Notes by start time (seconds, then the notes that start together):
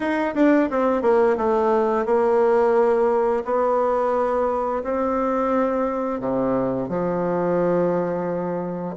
0.00 D#4
0.34 D4
0.70 C4
1.02 A#3
1.37 A3
2.05 A#3
3.45 B3
4.83 C4
6.20 C3
6.88 F3